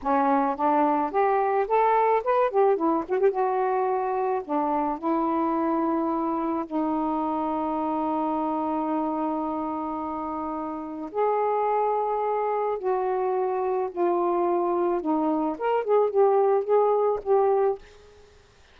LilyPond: \new Staff \with { instrumentName = "saxophone" } { \time 4/4 \tempo 4 = 108 cis'4 d'4 g'4 a'4 | b'8 g'8 e'8 fis'16 g'16 fis'2 | d'4 e'2. | dis'1~ |
dis'1 | gis'2. fis'4~ | fis'4 f'2 dis'4 | ais'8 gis'8 g'4 gis'4 g'4 | }